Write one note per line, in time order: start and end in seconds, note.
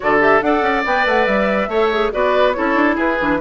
0.00 0.41 D3
0.00 0.19 F#4
0.00 0.44 A4
0.00 0.21 D5
0.19 0.41 G4
0.19 0.41 E5
0.41 0.61 D4
0.41 0.86 A4
0.41 1.69 D5
0.41 0.84 F#5
0.61 0.82 C#4
0.85 1.05 B3
0.85 1.71 B4
0.85 1.07 G5
1.05 1.26 A3
1.05 1.26 F#5
1.26 1.67 G3
1.26 2.11 E5
1.67 2.10 A3
1.67 1.92 A4
1.67 2.11 C#5
1.92 2.12 G#4
2.12 2.57 B3
2.12 2.54 F#4
2.12 2.56 B4
2.12 2.52 D5
2.52 3.18 E4
2.52 2.95 A4
2.52 2.95 C#5
2.59 2.75 C#4
2.75 2.96 D4
2.95 3.18 E4
2.95 3.38 G#4
2.95 3.40 B4
3.19 3.40 E3
3.19 3.40 D4